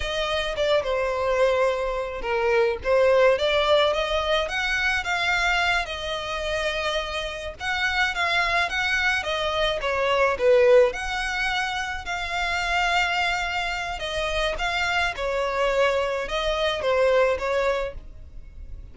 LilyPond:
\new Staff \with { instrumentName = "violin" } { \time 4/4 \tempo 4 = 107 dis''4 d''8 c''2~ c''8 | ais'4 c''4 d''4 dis''4 | fis''4 f''4. dis''4.~ | dis''4. fis''4 f''4 fis''8~ |
fis''8 dis''4 cis''4 b'4 fis''8~ | fis''4. f''2~ f''8~ | f''4 dis''4 f''4 cis''4~ | cis''4 dis''4 c''4 cis''4 | }